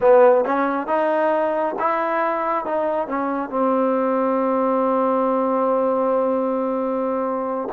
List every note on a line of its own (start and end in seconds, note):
0.00 0.44 B3
0.44 0.86 C#4
0.86 1.74 D#4
1.79 2.65 E4
2.65 3.07 D#4
3.07 3.49 C#4
3.49 7.68 C4